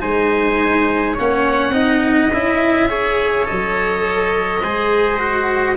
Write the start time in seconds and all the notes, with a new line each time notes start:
0.00 G#3 D#4 C5 G#5
1.14 A#3 C#4 C#5 F#5
1.70 C4 D#4 D#5
2.33 C#4 E4 E5
2.90 G#4 C#5
3.45 A4 D#5
3.52 F#3
4.64 G#3 G#4 C5
5.19 F#4